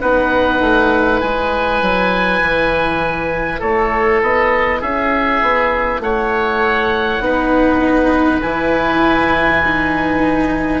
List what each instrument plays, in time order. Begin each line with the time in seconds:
0.00 bassoon B3, cello D#4, oboe B4 F#5
0.60 bassoon A3
1.20 bassoon G#3, cello E4, oboe G#5
1.81 bassoon F#3
2.40 bassoon E3
3.59 bassoon A3, oboe A4 C#5
4.21 bassoon B3, oboe D#5
4.79 bassoon C#4, oboe G#4 E5
5.42 bassoon B3
5.99 bassoon A3, oboe C#5 F#5
7.19 bassoon B3, cello D#4, oboe B4
8.42 bassoon E3, cello E4, oboe G#5
9.64 cello D#4